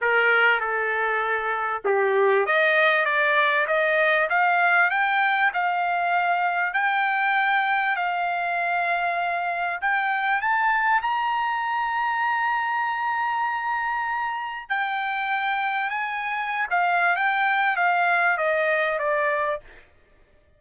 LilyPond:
\new Staff \with { instrumentName = "trumpet" } { \time 4/4 \tempo 4 = 98 ais'4 a'2 g'4 | dis''4 d''4 dis''4 f''4 | g''4 f''2 g''4~ | g''4 f''2. |
g''4 a''4 ais''2~ | ais''1 | g''2 gis''4~ gis''16 f''8. | g''4 f''4 dis''4 d''4 | }